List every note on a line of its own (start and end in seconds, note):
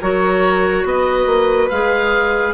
0.00 0.84 F#3
0.00 1.70 F#4
0.00 0.85 A#4
0.00 0.87 C#5
0.84 1.26 B3
0.84 2.53 B4
0.84 1.69 D#5
1.26 1.68 A#3
1.69 2.53 G#3
1.69 2.53 G#4
1.69 2.53 F5